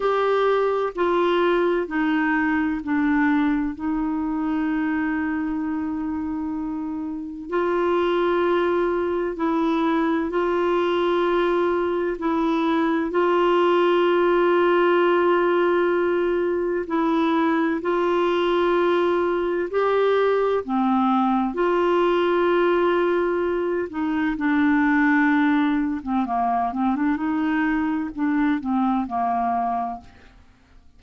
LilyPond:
\new Staff \with { instrumentName = "clarinet" } { \time 4/4 \tempo 4 = 64 g'4 f'4 dis'4 d'4 | dis'1 | f'2 e'4 f'4~ | f'4 e'4 f'2~ |
f'2 e'4 f'4~ | f'4 g'4 c'4 f'4~ | f'4. dis'8 d'4.~ d'16 c'16 | ais8 c'16 d'16 dis'4 d'8 c'8 ais4 | }